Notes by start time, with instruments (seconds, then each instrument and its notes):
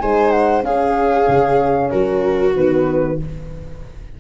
0.00 tuba G#3, horn D#4, viola C5, flute G#5
0.31 flute F#5
0.63 horn C#4, tuba C#4, viola G#4, flute F5
1.28 tuba C#3
1.90 tuba F#3, viola F#4, flute A#4
2.56 tuba D#3, horn B3, flute B4